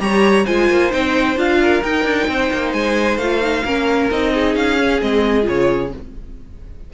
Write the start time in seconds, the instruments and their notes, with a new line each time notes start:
0.00 cello G3, viola G4, violin C#5 A#5
0.45 cello G#3, viola F4, violin C5 G#5
0.70 cello A#3
0.91 cello C4, viola D#4, violin G5
1.37 cello D4, viola F4, violin F5
1.62 violin A#4
1.84 cello D#4, viola D#4, violin G5
2.05 cello D4
2.28 cello C4, violin C5
2.53 cello A#3
2.73 cello G#3, violin G#5
3.18 cello A3, viola F4, violin F5
3.41 viola D#4
3.65 cello A#3, viola C#4, violin A#4
4.11 cello C4, viola D#4, violin D#5
4.34 violin G#4
4.56 cello C#4, violin F5
4.78 viola C#4
5.01 cello G#3, viola C4, violin D#5
5.43 cello C#3, viola F4, violin C#5